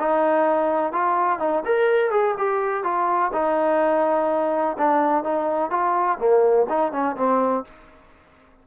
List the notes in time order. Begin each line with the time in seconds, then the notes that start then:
0.00 D#4
0.93 F4
1.40 D#4
1.66 A#4
2.11 G#4
2.38 G4
2.84 F4
3.33 D#4
4.78 D4
5.24 D#4
5.71 F4
6.19 A#3
6.70 D#4
6.93 C#4
7.17 C4